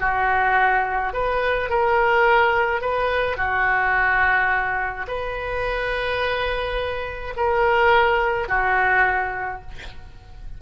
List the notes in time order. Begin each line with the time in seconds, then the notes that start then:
0.00 F#4
1.13 B4
1.69 A#4
2.81 B4
3.37 F#4
5.07 B4
7.36 A#4
8.48 F#4